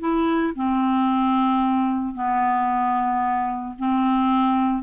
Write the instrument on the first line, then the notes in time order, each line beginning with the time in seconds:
clarinet
0.00 E4
0.56 C4
2.15 B3
3.79 C4